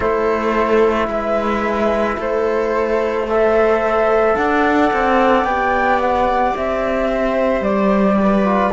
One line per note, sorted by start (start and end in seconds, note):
0.00 1.07 A3
0.00 3.27 E4
0.00 1.08 A4
0.00 1.08 C5
1.07 2.16 G#3
1.07 2.17 B4
1.07 2.18 E5
2.17 4.35 A3
2.17 3.26 A4
2.17 3.28 C5
3.27 5.47 A4
3.27 4.36 C5
3.27 4.36 E5
4.36 4.91 D4
4.36 7.07 D5
4.36 5.44 F#5
4.93 5.44 C4
5.44 6.53 B3
5.44 8.44 G4
5.44 5.99 G5
6.00 6.55 F#5
6.55 7.60 C4
6.55 7.63 E5
7.07 8.16 C5
7.60 8.69 G3
7.60 8.72 D5
8.20 8.73 B4
8.44 8.71 F4